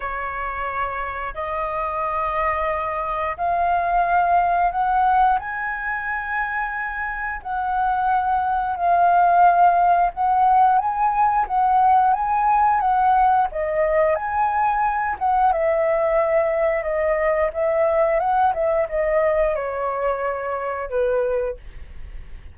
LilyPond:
\new Staff \with { instrumentName = "flute" } { \time 4/4 \tempo 4 = 89 cis''2 dis''2~ | dis''4 f''2 fis''4 | gis''2. fis''4~ | fis''4 f''2 fis''4 |
gis''4 fis''4 gis''4 fis''4 | dis''4 gis''4. fis''8 e''4~ | e''4 dis''4 e''4 fis''8 e''8 | dis''4 cis''2 b'4 | }